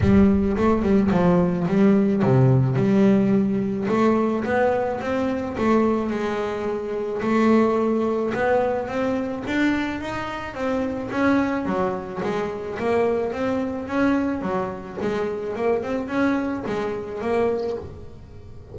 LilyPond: \new Staff \with { instrumentName = "double bass" } { \time 4/4 \tempo 4 = 108 g4 a8 g8 f4 g4 | c4 g2 a4 | b4 c'4 a4 gis4~ | gis4 a2 b4 |
c'4 d'4 dis'4 c'4 | cis'4 fis4 gis4 ais4 | c'4 cis'4 fis4 gis4 | ais8 c'8 cis'4 gis4 ais4 | }